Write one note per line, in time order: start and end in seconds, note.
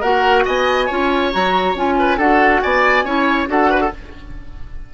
0.00 0.46 A#3
0.00 0.89 F#4
0.00 0.43 A#4
0.00 0.45 F#5
0.45 0.89 B3
0.45 0.86 D#5
0.45 1.32 G#5
0.86 1.34 C#4
0.86 1.32 F4
0.86 1.94 C#5
1.32 1.75 F#3
1.32 1.75 F#4
1.32 1.76 A#5
1.75 2.17 C#4
1.75 2.19 F4
1.75 2.19 G#5
1.98 2.17 B4
2.17 2.60 D4
2.17 3.06 F#4
2.17 2.60 A4
2.17 2.61 F#5
2.61 3.03 B3
2.61 3.05 D5
2.61 3.48 G#5
3.03 3.47 C#4
3.03 3.46 E4
3.03 3.48 C#5
3.46 3.91 D4
3.46 3.90 F#4
3.46 3.70 A4
3.46 3.93 F#5
3.70 3.80 B4
3.80 3.91 A4